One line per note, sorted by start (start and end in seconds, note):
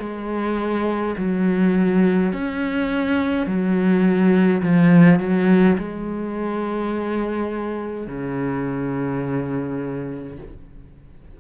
0.00 1.15 G#3
1.17 2.33 F#3
2.33 3.47 C#4
3.47 4.62 F#3
4.63 5.20 F3
5.20 5.77 F#3
5.78 8.07 G#3
8.07 10.38 C#3